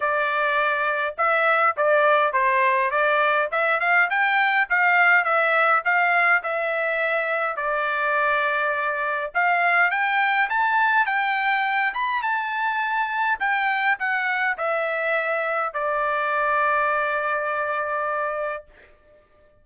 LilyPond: \new Staff \with { instrumentName = "trumpet" } { \time 4/4 \tempo 4 = 103 d''2 e''4 d''4 | c''4 d''4 e''8 f''8 g''4 | f''4 e''4 f''4 e''4~ | e''4 d''2. |
f''4 g''4 a''4 g''4~ | g''8 b''8 a''2 g''4 | fis''4 e''2 d''4~ | d''1 | }